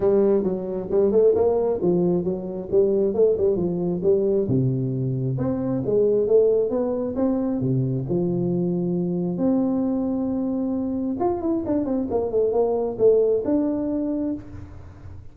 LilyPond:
\new Staff \with { instrumentName = "tuba" } { \time 4/4 \tempo 4 = 134 g4 fis4 g8 a8 ais4 | f4 fis4 g4 a8 g8 | f4 g4 c2 | c'4 gis4 a4 b4 |
c'4 c4 f2~ | f4 c'2.~ | c'4 f'8 e'8 d'8 c'8 ais8 a8 | ais4 a4 d'2 | }